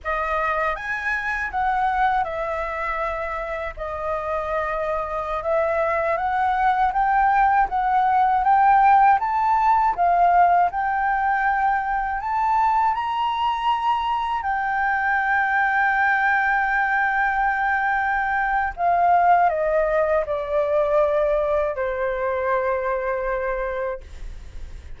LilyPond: \new Staff \with { instrumentName = "flute" } { \time 4/4 \tempo 4 = 80 dis''4 gis''4 fis''4 e''4~ | e''4 dis''2~ dis''16 e''8.~ | e''16 fis''4 g''4 fis''4 g''8.~ | g''16 a''4 f''4 g''4.~ g''16~ |
g''16 a''4 ais''2 g''8.~ | g''1~ | g''4 f''4 dis''4 d''4~ | d''4 c''2. | }